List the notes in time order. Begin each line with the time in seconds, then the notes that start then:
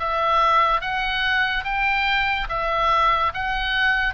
0.00 E5
0.81 F#5
1.65 G5
2.50 E5
3.34 F#5